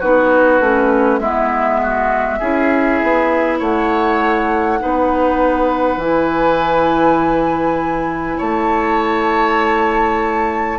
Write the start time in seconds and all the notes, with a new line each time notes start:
0.00 B3 D#4 F#4 B4
0.60 A3 C#4
1.19 G#3 B3 E4 E5
1.83 F#4
2.40 C#4 E4 G#4
3.03 B3
3.59 A3 C#5 F#5
4.80 B3 D#4 B4
5.97 E3 E4 G#5
8.38 A3 C#5 A5